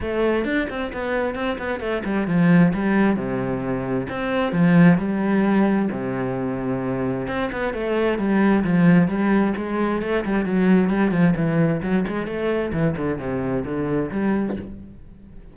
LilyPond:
\new Staff \with { instrumentName = "cello" } { \time 4/4 \tempo 4 = 132 a4 d'8 c'8 b4 c'8 b8 | a8 g8 f4 g4 c4~ | c4 c'4 f4 g4~ | g4 c2. |
c'8 b8 a4 g4 f4 | g4 gis4 a8 g8 fis4 | g8 f8 e4 fis8 gis8 a4 | e8 d8 c4 d4 g4 | }